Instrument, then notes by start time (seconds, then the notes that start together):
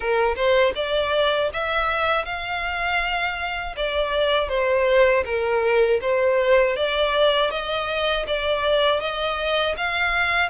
violin
0.00 A#4
0.35 C5
0.75 D5
1.53 E5
2.25 F5
3.76 D5
4.48 C5
5.25 A#4
6.01 C5
6.76 D5
7.50 D#5
8.27 D5
9.00 D#5
9.77 F5